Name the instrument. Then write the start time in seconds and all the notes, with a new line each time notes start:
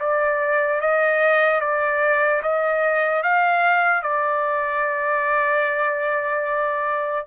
trumpet
0.00 D5
0.81 D#5
1.61 D5
2.43 D#5
3.23 F5
4.03 D5